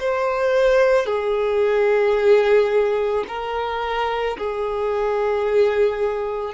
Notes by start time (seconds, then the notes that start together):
0.00 C5
1.07 G#4
3.28 A#4
4.38 G#4